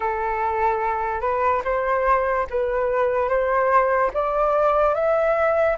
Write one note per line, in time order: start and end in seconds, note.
0.00 1.20 A4
1.20 1.61 B4
1.64 2.46 C5
2.50 3.28 B4
3.28 4.11 C5
4.13 4.94 D5
4.94 5.76 E5